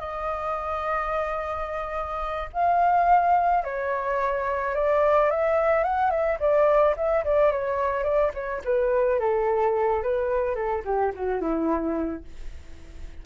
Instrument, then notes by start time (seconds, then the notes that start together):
flute
0.00 D#5
2.53 F5
3.64 C#5
4.75 D5
5.31 E5
5.84 F#5
6.11 E5
6.40 D5
6.97 E5
7.25 D5
7.52 C#5
8.04 D5
8.34 C#5
8.65 B4
9.20 A4
10.03 B4
10.55 A4
10.85 G4
11.15 F#4
11.41 E4